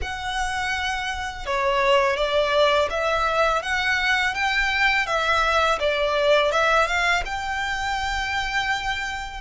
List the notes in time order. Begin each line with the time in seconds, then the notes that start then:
0.01 F#5
1.46 C#5
2.16 D5
2.89 E5
3.62 F#5
4.34 G5
5.06 E5
5.79 D5
6.51 E5
6.87 F5
7.25 G5